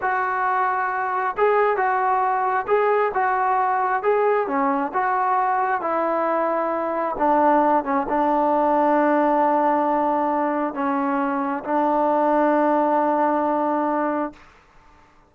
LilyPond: \new Staff \with { instrumentName = "trombone" } { \time 4/4 \tempo 4 = 134 fis'2. gis'4 | fis'2 gis'4 fis'4~ | fis'4 gis'4 cis'4 fis'4~ | fis'4 e'2. |
d'4. cis'8 d'2~ | d'1 | cis'2 d'2~ | d'1 | }